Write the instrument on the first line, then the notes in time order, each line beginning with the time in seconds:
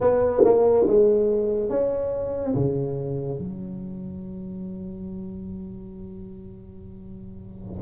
tuba
0.00 B3
0.44 A#3
0.87 G#3
1.69 C#4
2.54 C#3
3.38 F#3